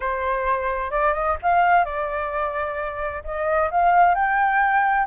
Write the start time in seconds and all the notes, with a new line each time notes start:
0.00 C5
0.90 D5
1.13 D#5
1.42 F5
1.84 D5
3.23 D#5
3.70 F5
4.14 G5